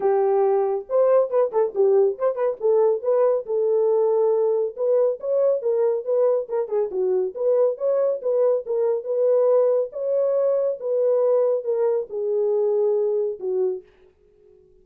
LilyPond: \new Staff \with { instrumentName = "horn" } { \time 4/4 \tempo 4 = 139 g'2 c''4 b'8 a'8 | g'4 c''8 b'8 a'4 b'4 | a'2. b'4 | cis''4 ais'4 b'4 ais'8 gis'8 |
fis'4 b'4 cis''4 b'4 | ais'4 b'2 cis''4~ | cis''4 b'2 ais'4 | gis'2. fis'4 | }